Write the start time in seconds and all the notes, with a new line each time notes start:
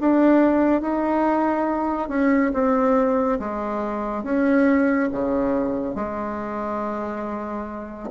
0.00 D4
0.81 D#4
2.08 C#4
2.53 C4
3.39 G#3
4.23 C#4
5.12 C#3
5.95 G#3